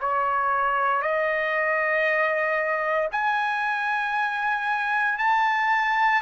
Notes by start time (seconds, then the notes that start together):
0.00 C#5
1.02 D#5
3.11 G#5
5.18 A5